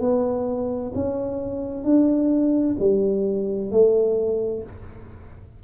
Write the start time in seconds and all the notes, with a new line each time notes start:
0.00 B3
0.95 C#4
1.84 D4
2.79 G3
3.71 A3